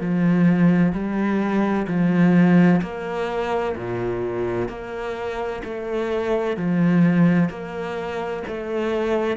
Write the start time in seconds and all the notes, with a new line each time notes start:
0.00 F3
0.92 G3
1.87 F3
2.81 A#3
3.76 A#2
4.68 A#3
5.64 A3
6.56 F3
7.49 A#3
8.47 A3